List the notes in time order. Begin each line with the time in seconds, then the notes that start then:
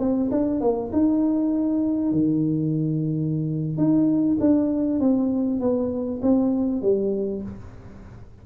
0.00 C4
0.31 D4
0.61 A#3
0.93 D#4
2.12 D#3
3.78 D#4
4.41 D4
5.01 C4
5.61 B3
6.23 C4
6.82 G3